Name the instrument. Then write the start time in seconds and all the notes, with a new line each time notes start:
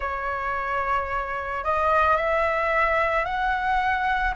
flute
0.00 C#5
1.64 D#5
2.17 E5
3.25 F#5